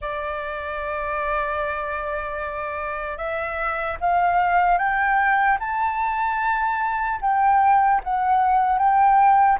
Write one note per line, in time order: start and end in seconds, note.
0.01 3.17 D5
3.17 3.97 E5
4.00 4.77 F5
4.77 5.57 G5
5.59 7.19 A5
7.21 8.01 G5
8.03 8.78 F#5
8.78 9.58 G5